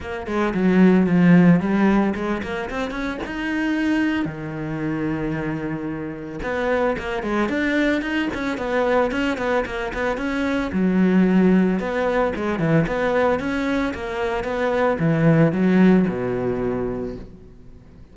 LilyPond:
\new Staff \with { instrumentName = "cello" } { \time 4/4 \tempo 4 = 112 ais8 gis8 fis4 f4 g4 | gis8 ais8 c'8 cis'8 dis'2 | dis1 | b4 ais8 gis8 d'4 dis'8 cis'8 |
b4 cis'8 b8 ais8 b8 cis'4 | fis2 b4 gis8 e8 | b4 cis'4 ais4 b4 | e4 fis4 b,2 | }